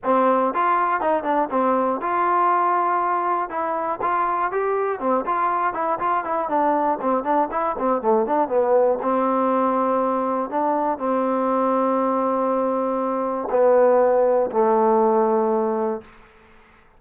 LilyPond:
\new Staff \with { instrumentName = "trombone" } { \time 4/4 \tempo 4 = 120 c'4 f'4 dis'8 d'8 c'4 | f'2. e'4 | f'4 g'4 c'8 f'4 e'8 | f'8 e'8 d'4 c'8 d'8 e'8 c'8 |
a8 d'8 b4 c'2~ | c'4 d'4 c'2~ | c'2. b4~ | b4 a2. | }